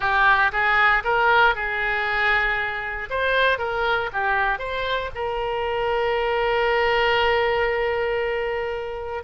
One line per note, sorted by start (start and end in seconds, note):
0.00 0.51 G4
0.52 1.03 G#4
1.03 1.55 A#4
1.55 3.09 G#4
3.10 3.58 C5
3.58 4.09 A#4
4.13 4.58 G4
4.58 5.10 C5
5.14 9.23 A#4